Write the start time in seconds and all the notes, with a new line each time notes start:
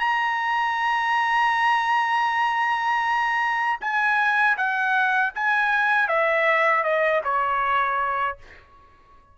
0.00 A#5
3.81 G#5
4.58 F#5
5.35 G#5
6.08 E5
6.84 D#5
7.24 C#5